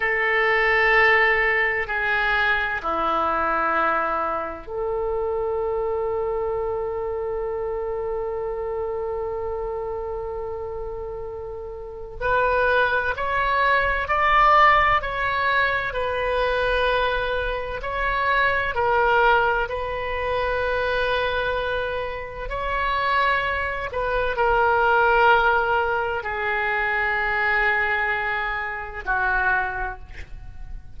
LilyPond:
\new Staff \with { instrumentName = "oboe" } { \time 4/4 \tempo 4 = 64 a'2 gis'4 e'4~ | e'4 a'2.~ | a'1~ | a'4 b'4 cis''4 d''4 |
cis''4 b'2 cis''4 | ais'4 b'2. | cis''4. b'8 ais'2 | gis'2. fis'4 | }